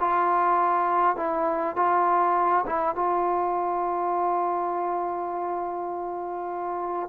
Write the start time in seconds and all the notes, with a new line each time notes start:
0.00 F4
1.16 E4
1.76 F4
2.66 E4
2.95 F4